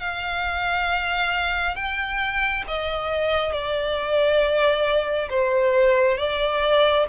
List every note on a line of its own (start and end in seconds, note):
0.00 1.75 F5
1.75 2.64 G5
2.68 3.52 D#5
3.52 5.29 D5
5.29 6.18 C5
6.18 7.06 D5